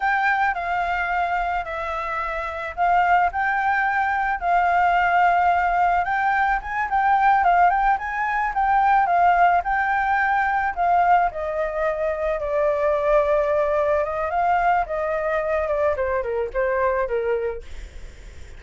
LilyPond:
\new Staff \with { instrumentName = "flute" } { \time 4/4 \tempo 4 = 109 g''4 f''2 e''4~ | e''4 f''4 g''2 | f''2. g''4 | gis''8 g''4 f''8 g''8 gis''4 g''8~ |
g''8 f''4 g''2 f''8~ | f''8 dis''2 d''4.~ | d''4. dis''8 f''4 dis''4~ | dis''8 d''8 c''8 ais'8 c''4 ais'4 | }